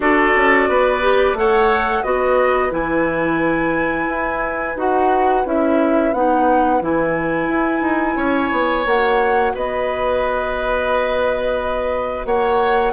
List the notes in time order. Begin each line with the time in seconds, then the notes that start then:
0.00 D4 F#4 A4 D5
0.36 C#4
0.68 B3 B4
1.01 G4
1.33 A3 A4 C#5 F#5
2.02 B3 F#4 B4 D#5
2.70 E3 E4 G#5
4.08 E4
4.75 D#4 F#4 F#5
5.45 C#4 E4 E5
6.13 B3 D#4 F#5
6.81 E3 E4 G#5
7.48 E4
7.81 D#4
8.16 C#4 C#5
8.51 B3
8.85 A#3 F#4 F#5
9.54 B3 B4 D#5
12.25 A#3 C#5 F#5